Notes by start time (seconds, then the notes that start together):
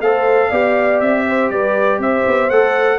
0.00 A3 A4 C5 F5
0.49 B3 G4 D5
1.00 C4 E5
1.27 C5
1.50 G3 B4 D5
1.98 C4 C5 E5
2.26 B3
2.50 A3 A4 F#5